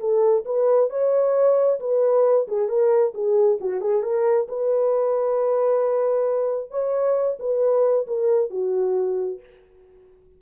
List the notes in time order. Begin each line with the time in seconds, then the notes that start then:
0.00 A4
0.45 B4
0.90 C#5
1.80 B4
2.48 G#4
2.69 A#4
3.14 G#4
3.61 F#4
3.81 G#4
4.03 A#4
4.48 B4
6.71 C#5
7.40 B4
8.07 A#4
8.50 F#4